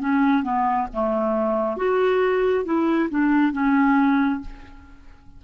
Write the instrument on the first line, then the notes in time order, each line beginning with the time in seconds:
clarinet
0.00 C#4
0.43 B3
0.93 A3
1.77 F#4
2.65 E4
3.10 D4
3.53 C#4